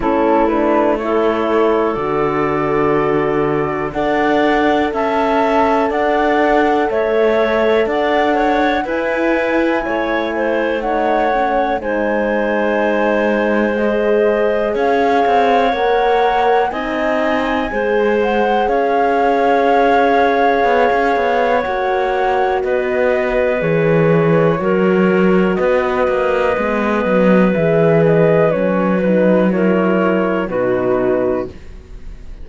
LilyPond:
<<
  \new Staff \with { instrumentName = "flute" } { \time 4/4 \tempo 4 = 61 a'8 b'8 cis''4 d''2 | fis''4 a''4 fis''4 e''4 | fis''4 gis''2 fis''4 | gis''2 dis''4 f''4 |
fis''4 gis''4. fis''8 f''4~ | f''2 fis''4 dis''4 | cis''2 dis''2 | e''8 dis''8 cis''8 b'8 cis''4 b'4 | }
  \new Staff \with { instrumentName = "clarinet" } { \time 4/4 e'4 a'2. | d''4 e''4 d''4 cis''4 | d''8 cis''8 b'4 cis''8 c''8 cis''4 | c''2. cis''4~ |
cis''4 dis''4 c''4 cis''4~ | cis''2. b'4~ | b'4 ais'4 b'2~ | b'2 ais'4 fis'4 | }
  \new Staff \with { instrumentName = "horn" } { \time 4/4 cis'8 d'8 e'4 fis'2 | a'1~ | a'4 e'2 dis'8 cis'8 | dis'2 gis'2 |
ais'4 dis'4 gis'2~ | gis'2 fis'2 | gis'4 fis'2 b4 | gis'4 cis'8 dis'8 e'4 dis'4 | }
  \new Staff \with { instrumentName = "cello" } { \time 4/4 a2 d2 | d'4 cis'4 d'4 a4 | d'4 e'4 a2 | gis2. cis'8 c'8 |
ais4 c'4 gis4 cis'4~ | cis'4 b16 cis'16 b8 ais4 b4 | e4 fis4 b8 ais8 gis8 fis8 | e4 fis2 b,4 | }
>>